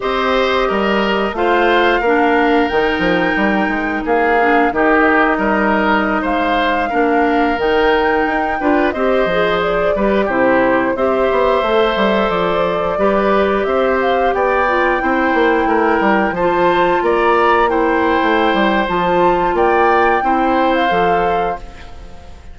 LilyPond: <<
  \new Staff \with { instrumentName = "flute" } { \time 4/4 \tempo 4 = 89 dis''2 f''2 | g''2 f''4 dis''4~ | dis''4~ dis''16 f''2 g''8.~ | g''4~ g''16 dis''4 d''4 c''8.~ |
c''16 e''2 d''4.~ d''16~ | d''16 e''8 f''8 g''2~ g''8.~ | g''16 a''4 ais''4 g''4.~ g''16 | a''4 g''4.~ g''16 f''4~ f''16 | }
  \new Staff \with { instrumentName = "oboe" } { \time 4/4 c''4 ais'4 c''4 ais'4~ | ais'2 gis'4 g'4 | ais'4~ ais'16 c''4 ais'4.~ ais'16~ | ais'8. b'8 c''4. b'8 g'8.~ |
g'16 c''2. b'8.~ | b'16 c''4 d''4 c''4 ais'8.~ | ais'16 c''4 d''4 c''4.~ c''16~ | c''4 d''4 c''2 | }
  \new Staff \with { instrumentName = "clarinet" } { \time 4/4 g'2 f'4 d'4 | dis'2~ dis'8 d'8 dis'4~ | dis'2~ dis'16 d'4 dis'8.~ | dis'8. f'8 g'8 gis'4 g'8 e'8.~ |
e'16 g'4 a'2 g'8.~ | g'4.~ g'16 f'8 e'4.~ e'16~ | e'16 f'2 e'4.~ e'16 | f'2 e'4 a'4 | }
  \new Staff \with { instrumentName = "bassoon" } { \time 4/4 c'4 g4 a4 ais4 | dis8 f8 g8 gis8 ais4 dis4 | g4~ g16 gis4 ais4 dis8.~ | dis16 dis'8 d'8 c'8 f4 g8 c8.~ |
c16 c'8 b8 a8 g8 f4 g8.~ | g16 c'4 b4 c'8 ais8 a8 g16~ | g16 f4 ais4.~ ais16 a8 g8 | f4 ais4 c'4 f4 | }
>>